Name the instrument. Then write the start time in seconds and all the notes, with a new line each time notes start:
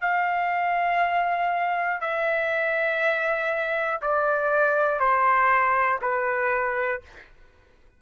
trumpet
0.00 F5
2.00 E5
4.01 D5
4.99 C5
6.01 B4